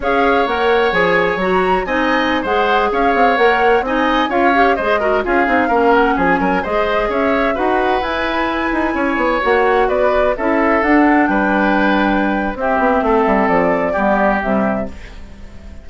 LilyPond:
<<
  \new Staff \with { instrumentName = "flute" } { \time 4/4 \tempo 4 = 129 f''4 fis''4 gis''4 ais''4 | gis''4~ gis''16 fis''4 f''4 fis''8.~ | fis''16 gis''4 f''4 dis''4 f''8.~ | f''8. fis''8 gis''4 dis''4 e''8.~ |
e''16 fis''4 gis''2~ gis''8.~ | gis''16 fis''4 d''4 e''4 fis''8.~ | fis''16 g''2~ g''8. e''4~ | e''4 d''2 e''4 | }
  \new Staff \with { instrumentName = "oboe" } { \time 4/4 cis''1 | dis''4~ dis''16 c''4 cis''4.~ cis''16~ | cis''16 dis''4 cis''4 c''8 ais'8 gis'8.~ | gis'16 ais'4 gis'8 ais'8 c''4 cis''8.~ |
cis''16 b'2. cis''8.~ | cis''4~ cis''16 b'4 a'4.~ a'16~ | a'16 b'2~ b'8. g'4 | a'2 g'2 | }
  \new Staff \with { instrumentName = "clarinet" } { \time 4/4 gis'4 ais'4 gis'4 fis'4 | dis'4~ dis'16 gis'2 ais'8.~ | ais'16 dis'4 f'8 g'8 gis'8 fis'8 f'8 dis'16~ | dis'16 cis'2 gis'4.~ gis'16~ |
gis'16 fis'4 e'2~ e'8.~ | e'16 fis'2 e'4 d'8.~ | d'2. c'4~ | c'2 b4 g4 | }
  \new Staff \with { instrumentName = "bassoon" } { \time 4/4 cis'4 ais4 f4 fis4 | c'4~ c'16 gis4 cis'8 c'8 ais8.~ | ais16 c'4 cis'4 gis4 cis'8 c'16~ | c'16 ais4 f8 fis8 gis4 cis'8.~ |
cis'16 dis'4 e'4. dis'8 cis'8 b16~ | b16 ais4 b4 cis'4 d'8.~ | d'16 g2~ g8. c'8 b8 | a8 g8 f4 g4 c4 | }
>>